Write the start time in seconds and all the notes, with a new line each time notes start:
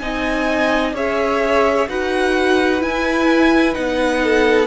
0.00 C4 D#4 D#5 G#5
0.93 C#4 G#4 C#5 E5
1.89 D#4 F#4 B4 F#5
2.80 E4 G#5
3.73 B3 D#4 F#5
4.23 A4